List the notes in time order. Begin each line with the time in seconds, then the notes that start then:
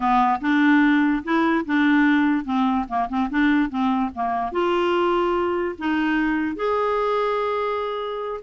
0.00 B3
0.41 D4
1.24 E4
1.65 D4
2.45 C4
2.88 A#3
3.09 C4
3.30 D4
3.69 C4
4.15 A#3
4.52 F4
5.78 D#4
6.55 G#4